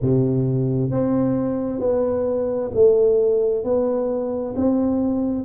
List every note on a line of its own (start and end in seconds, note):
0.01 0.90 C3
0.90 1.80 C4
1.80 2.71 B3
2.74 3.64 A3
3.64 4.55 B3
4.56 5.44 C4